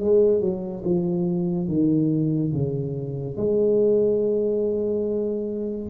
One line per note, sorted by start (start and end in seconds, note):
0.00 0.41 G#3
0.41 0.83 F#3
0.85 1.68 F3
1.68 2.53 D#3
2.53 3.37 C#3
3.37 5.90 G#3